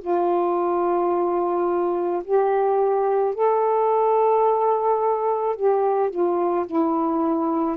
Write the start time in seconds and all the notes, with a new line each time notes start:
0.00 F4
2.24 G4
3.34 A4
5.56 G4
6.10 F4
6.66 E4